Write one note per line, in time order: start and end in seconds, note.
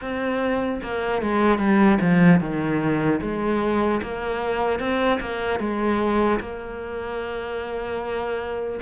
0.01 0.81 C4
0.82 1.22 A#3
1.22 1.58 G#3
1.58 1.98 G3
2.00 2.40 F3
2.40 3.20 D#3
3.21 4.01 G#3
4.02 4.79 A#3
4.79 5.19 C4
5.20 5.59 A#3
5.59 6.39 G#3
6.40 8.80 A#3